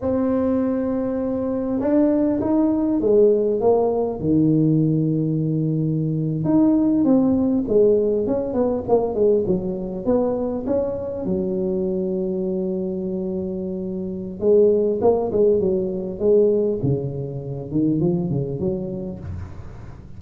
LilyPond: \new Staff \with { instrumentName = "tuba" } { \time 4/4 \tempo 4 = 100 c'2. d'4 | dis'4 gis4 ais4 dis4~ | dis2~ dis8. dis'4 c'16~ | c'8. gis4 cis'8 b8 ais8 gis8 fis16~ |
fis8. b4 cis'4 fis4~ fis16~ | fis1 | gis4 ais8 gis8 fis4 gis4 | cis4. dis8 f8 cis8 fis4 | }